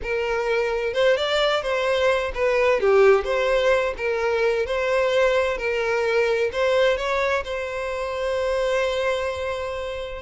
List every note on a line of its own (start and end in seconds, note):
0.02 0.93 A#4
0.93 1.16 C5
1.16 1.62 D5
1.62 2.32 C5
2.34 2.80 B4
2.80 3.24 G4
3.24 3.94 C5
3.97 4.66 A#4
4.66 5.57 C5
5.57 6.50 A#4
6.52 6.97 C5
6.97 7.43 C#5
7.44 10.22 C5